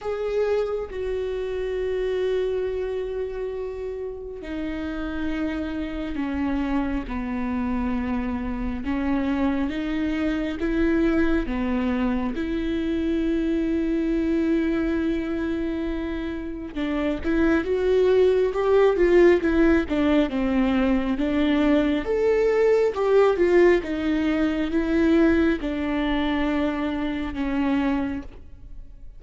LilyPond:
\new Staff \with { instrumentName = "viola" } { \time 4/4 \tempo 4 = 68 gis'4 fis'2.~ | fis'4 dis'2 cis'4 | b2 cis'4 dis'4 | e'4 b4 e'2~ |
e'2. d'8 e'8 | fis'4 g'8 f'8 e'8 d'8 c'4 | d'4 a'4 g'8 f'8 dis'4 | e'4 d'2 cis'4 | }